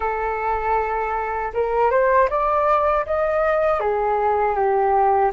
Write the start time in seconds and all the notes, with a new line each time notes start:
0.00 A4
1.53 A#4
1.91 C5
2.29 D5
3.06 D#5
3.79 G#4
4.55 G4